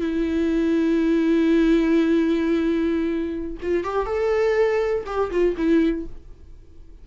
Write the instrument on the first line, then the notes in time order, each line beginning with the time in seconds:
viola
0.00 E4
3.62 F4
3.84 G4
4.06 A4
5.06 G4
5.31 F4
5.57 E4